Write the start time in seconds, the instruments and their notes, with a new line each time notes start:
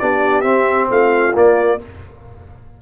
0.00 tuba B3, trombone D4, horn G4, trumpet D5
0.42 trombone C4, tuba C4, trumpet E5
0.90 tuba A3, horn F4, trumpet F5
1.34 trombone A#3, tuba A#3, trumpet D5